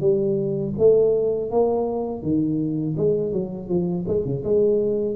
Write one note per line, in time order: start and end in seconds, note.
0.00 0.73 G3
0.78 1.50 A3
1.50 2.22 A#3
2.22 2.95 D#3
2.96 3.32 G#3
3.32 3.68 F#3
3.68 4.05 F3
4.07 4.25 G#3
4.25 4.43 C#3
4.44 5.15 G#3